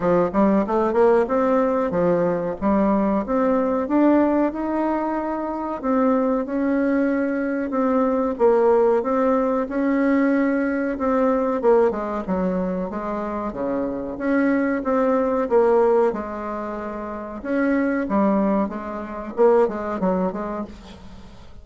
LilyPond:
\new Staff \with { instrumentName = "bassoon" } { \time 4/4 \tempo 4 = 93 f8 g8 a8 ais8 c'4 f4 | g4 c'4 d'4 dis'4~ | dis'4 c'4 cis'2 | c'4 ais4 c'4 cis'4~ |
cis'4 c'4 ais8 gis8 fis4 | gis4 cis4 cis'4 c'4 | ais4 gis2 cis'4 | g4 gis4 ais8 gis8 fis8 gis8 | }